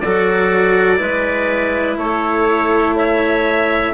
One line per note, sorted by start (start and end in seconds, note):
0.00 1.00 F#3
0.00 0.97 F#4
0.00 0.99 A4
0.00 1.97 D5
0.97 1.97 G#3
0.97 3.92 E4
0.97 1.97 B4
1.97 3.94 A3
1.97 2.95 A4
1.97 2.96 C#5
2.95 3.94 C#5
2.95 3.94 E5